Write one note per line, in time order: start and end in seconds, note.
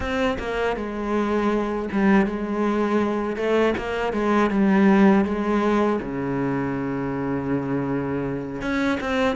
0.00 0.38 C4
0.39 0.76 A#3
0.76 1.89 G#3
1.92 2.26 G3
2.26 3.36 G#3
3.36 3.74 A3
3.77 4.12 A#3
4.12 4.50 G#3
4.50 5.24 G3
5.24 5.99 G#3
6.01 8.61 C#3
8.61 8.99 C#4
9.00 9.35 C4